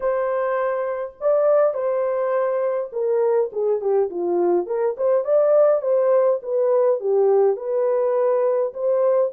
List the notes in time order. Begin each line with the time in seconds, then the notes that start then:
0.00 C5
1.20 D5
1.74 C5
2.92 A#4
3.52 G#4
3.80 G4
4.10 F4
4.66 A#4
4.97 C5
5.24 D5
5.81 C5
6.42 B4
7.00 G4
7.56 B4
8.73 C5